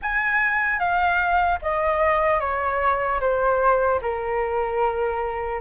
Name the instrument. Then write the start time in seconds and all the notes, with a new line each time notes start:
flute
0.02 G#5
0.79 F5
1.61 D#5
2.40 C#5
3.20 C5
4.01 A#4